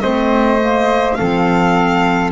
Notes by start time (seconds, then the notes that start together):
0.00 A3 C4 C5 D#5
0.60 A#3
1.14 F3 C4 A4 F5